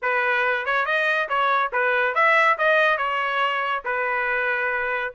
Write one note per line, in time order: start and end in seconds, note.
0.02 0.65 B4
0.65 0.85 C#5
0.85 1.28 D#5
1.29 1.71 C#5
1.72 2.14 B4
2.14 2.57 E5
2.58 2.97 D#5
2.97 3.83 C#5
3.85 5.13 B4